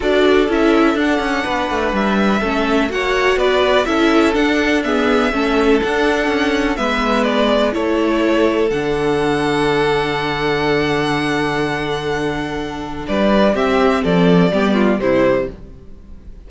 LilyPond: <<
  \new Staff \with { instrumentName = "violin" } { \time 4/4 \tempo 4 = 124 d''4 e''4 fis''2 | e''2 fis''4 d''4 | e''4 fis''4 e''2 | fis''2 e''4 d''4 |
cis''2 fis''2~ | fis''1~ | fis''2. d''4 | e''4 d''2 c''4 | }
  \new Staff \with { instrumentName = "violin" } { \time 4/4 a'2. b'4~ | b'4 a'4 cis''4 b'4 | a'2 gis'4 a'4~ | a'2 b'2 |
a'1~ | a'1~ | a'2. b'4 | g'4 a'4 g'8 f'8 e'4 | }
  \new Staff \with { instrumentName = "viola" } { \time 4/4 fis'4 e'4 d'2~ | d'4 cis'4 fis'2 | e'4 d'4 b4 cis'4 | d'2 b2 |
e'2 d'2~ | d'1~ | d'1 | c'2 b4 g4 | }
  \new Staff \with { instrumentName = "cello" } { \time 4/4 d'4 cis'4 d'8 cis'8 b8 a8 | g4 a4 ais4 b4 | cis'4 d'2 a4 | d'4 cis'4 gis2 |
a2 d2~ | d1~ | d2. g4 | c'4 f4 g4 c4 | }
>>